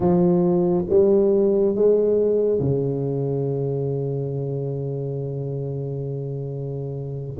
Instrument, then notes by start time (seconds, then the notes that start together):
tuba
0.00 F3
0.89 G3
1.75 G#3
2.59 C#3